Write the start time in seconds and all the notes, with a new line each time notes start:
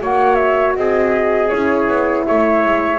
0.00 A#3 F#4 C#5 F#5
0.35 E5
0.75 C4 G#4 D#5
1.49 C#4 E4 C#5
1.88 B3
2.26 A3 C#5 E5
2.65 G#3